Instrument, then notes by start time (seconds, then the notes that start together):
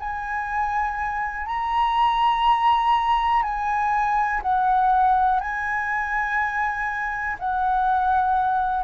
flute
0.00 G#5
1.47 A#5
3.43 G#5
4.42 F#5
5.40 G#5
7.39 F#5